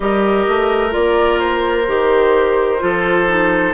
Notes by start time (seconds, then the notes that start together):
0.00 G3 G4 A#4 D#5
0.48 A3
0.90 A#3 F4 D5
1.39 C5
1.87 D#3 G4
2.79 F3 F4 A4
3.27 D#4